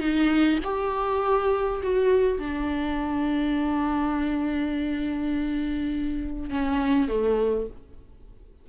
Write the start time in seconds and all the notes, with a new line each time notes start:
0.00 D#4
0.64 G4
1.83 F#4
2.39 D4
6.50 C#4
7.08 A3